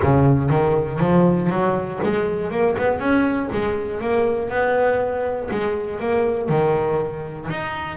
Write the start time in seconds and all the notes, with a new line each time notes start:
0.02 C#3
0.50 D#3
0.99 F3
1.49 F#3
2.03 G#3
2.50 A#3
2.77 B3
2.99 C#4
3.52 G#3
4.00 A#3
4.49 B3
5.50 G#3
5.99 A#3
6.48 D#3
7.50 D#4